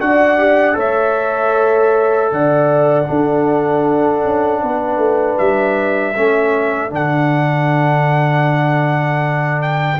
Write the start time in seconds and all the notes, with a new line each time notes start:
0.00 D4 F#4 D5 F#5
0.37 G4
0.73 A3 A4 C#5
0.79 E5
2.32 D3 D5 F#5
3.06 D4 A4
4.24 C#4
4.62 B3 B4
4.97 A3
5.38 G3 E5
6.15 A3 C#4 A4
6.90 D3 D4 F#5
9.62 G5